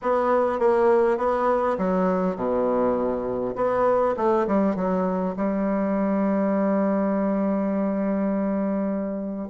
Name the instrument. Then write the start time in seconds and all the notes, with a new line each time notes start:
bassoon
0.01 B3
0.59 A#3
1.17 B3
1.78 F#3
2.36 B2
3.55 B3
4.16 A3
4.47 G3
4.75 F#3
5.36 G3